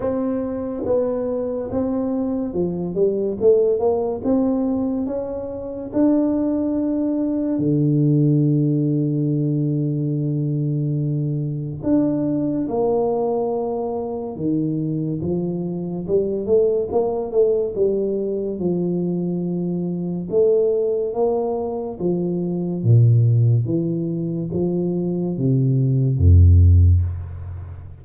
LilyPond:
\new Staff \with { instrumentName = "tuba" } { \time 4/4 \tempo 4 = 71 c'4 b4 c'4 f8 g8 | a8 ais8 c'4 cis'4 d'4~ | d'4 d2.~ | d2 d'4 ais4~ |
ais4 dis4 f4 g8 a8 | ais8 a8 g4 f2 | a4 ais4 f4 ais,4 | e4 f4 c4 f,4 | }